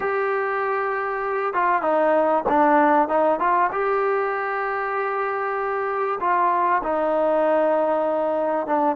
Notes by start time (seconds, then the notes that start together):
0.00 G4
1.53 F4
1.82 D#4
2.49 D4
3.08 D#4
3.39 F4
3.71 G4
6.20 F4
6.83 D#4
8.66 D4